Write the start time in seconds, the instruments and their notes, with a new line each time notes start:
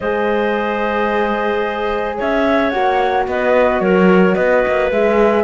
0.00 cello G#3, horn G#4, clarinet C5, flute D#5
2.17 cello C#4, clarinet C#5, flute E5
2.69 cello A#3, horn F#4, flute F#5
3.27 cello B3, clarinet B4, flute D#5
3.80 cello F#3, clarinet A#4, flute C#5
4.35 cello B3, clarinet B4, flute D#5
4.66 cello A#3
4.91 cello G#3, horn G#4, flute E5